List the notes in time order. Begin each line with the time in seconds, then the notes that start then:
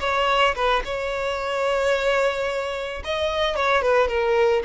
0.00 C#5
0.55 B4
0.85 C#5
3.04 D#5
3.56 C#5
3.82 B4
4.08 A#4